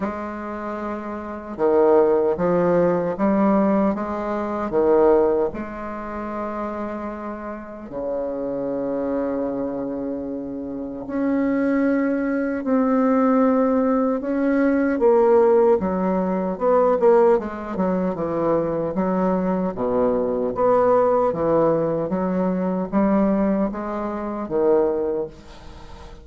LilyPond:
\new Staff \with { instrumentName = "bassoon" } { \time 4/4 \tempo 4 = 76 gis2 dis4 f4 | g4 gis4 dis4 gis4~ | gis2 cis2~ | cis2 cis'2 |
c'2 cis'4 ais4 | fis4 b8 ais8 gis8 fis8 e4 | fis4 b,4 b4 e4 | fis4 g4 gis4 dis4 | }